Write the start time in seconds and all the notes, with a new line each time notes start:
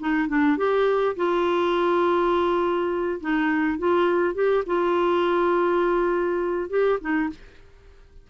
0.00 D#4
0.29 D4
0.58 G4
1.17 F4
3.21 D#4
3.79 F4
4.35 G4
4.67 F4
6.70 G4
7.01 D#4